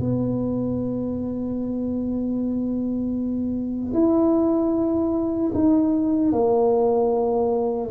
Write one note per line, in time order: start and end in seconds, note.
0.00 3.93 B3
3.93 5.51 E4
5.54 6.32 D#4
6.32 7.90 A#3